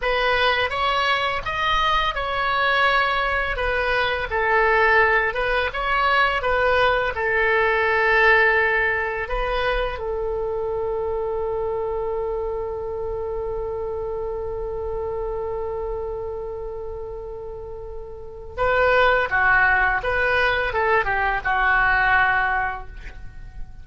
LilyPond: \new Staff \with { instrumentName = "oboe" } { \time 4/4 \tempo 4 = 84 b'4 cis''4 dis''4 cis''4~ | cis''4 b'4 a'4. b'8 | cis''4 b'4 a'2~ | a'4 b'4 a'2~ |
a'1~ | a'1~ | a'2 b'4 fis'4 | b'4 a'8 g'8 fis'2 | }